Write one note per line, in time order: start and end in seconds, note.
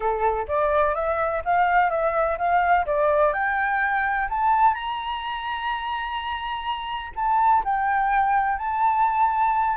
0.00 0.46 A4
0.48 0.95 D5
0.95 1.42 E5
1.44 1.90 F5
1.90 2.37 E5
2.38 2.85 F5
2.86 3.33 D5
3.33 4.28 G5
4.29 4.74 A5
4.74 7.12 A#5
7.15 7.63 A5
7.64 8.58 G5
8.58 9.77 A5